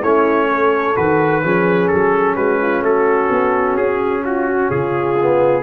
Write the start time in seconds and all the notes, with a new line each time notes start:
0.00 A3 C#4 E4 C#5
0.51 A4
0.96 D#3 F#4 B4
1.44 F3 C#4 G#4
1.88 F#3 A4
2.36 G#3 F#4 B4
2.62 F4
2.82 A3 F#4 A4
3.30 B3
3.77 C#4 G#4
4.25 F4 F#4
4.49 F#4
4.71 C#3 F4 G#4
5.22 B3